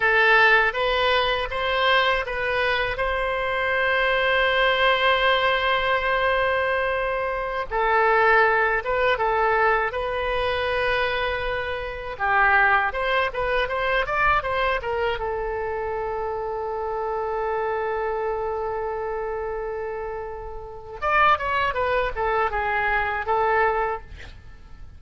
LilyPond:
\new Staff \with { instrumentName = "oboe" } { \time 4/4 \tempo 4 = 80 a'4 b'4 c''4 b'4 | c''1~ | c''2~ c''16 a'4. b'16~ | b'16 a'4 b'2~ b'8.~ |
b'16 g'4 c''8 b'8 c''8 d''8 c''8 ais'16~ | ais'16 a'2.~ a'8.~ | a'1 | d''8 cis''8 b'8 a'8 gis'4 a'4 | }